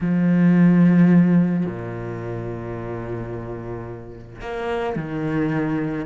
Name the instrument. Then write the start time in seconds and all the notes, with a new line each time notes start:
cello
0.01 F3
1.65 A#2
4.41 A#3
4.95 D#3